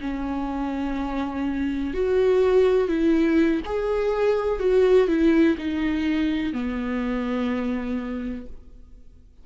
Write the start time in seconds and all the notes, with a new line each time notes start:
0.00 C#4
1.94 F#4
2.88 E4
3.65 G#4
4.59 F#4
5.07 E4
5.58 D#4
6.52 B3